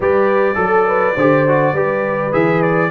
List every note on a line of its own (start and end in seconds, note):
0.00 0.55 G3
0.00 0.54 G4
0.00 0.57 B4
0.00 2.33 D5
0.54 1.15 F#3
0.54 1.13 A4
0.54 0.87 A4
0.87 1.15 B4
1.15 1.73 D3
1.15 1.48 G4
1.15 1.74 C5
1.48 1.75 F#4
1.73 2.31 G3
1.73 2.32 G4
1.73 2.90 B4
2.32 2.90 E3
2.32 2.90 G#4
2.32 2.62 E5
2.62 2.90 D5